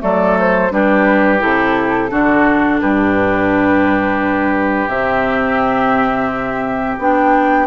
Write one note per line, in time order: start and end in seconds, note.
0.00 0.72 F#3
0.00 0.70 A3
0.00 0.73 A4
0.00 0.38 D5
0.40 0.73 C5
0.71 1.42 G3
0.71 1.39 D4
0.71 2.11 G4
0.71 1.43 B4
1.39 2.12 C3
1.39 2.09 E4
1.39 2.81 A4
2.10 2.82 D3
2.10 4.90 D4
2.10 2.81 F#4
2.81 4.88 G2
2.81 7.67 G4
2.81 4.89 B4
4.88 6.98 C3
4.88 6.99 C4
4.88 6.98 E5
6.99 7.67 B3
6.99 7.67 D4
6.99 7.67 G5